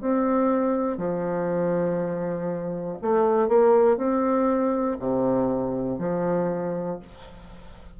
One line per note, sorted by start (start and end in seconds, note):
0.00 0.97 C4
0.97 2.97 F3
3.01 3.48 A3
3.48 3.96 A#3
3.96 4.96 C4
4.99 5.98 C3
5.98 6.98 F3